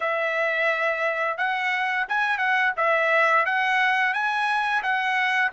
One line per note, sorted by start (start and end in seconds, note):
0.00 1.37 E5
1.37 2.06 F#5
2.08 2.38 G#5
2.38 2.72 F#5
2.76 3.45 E5
3.45 4.13 F#5
4.13 4.82 G#5
4.82 5.51 F#5